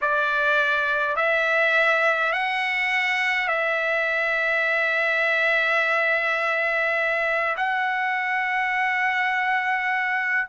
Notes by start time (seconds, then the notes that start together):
0.01 D5
1.16 E5
2.32 F#5
3.48 E5
7.56 F#5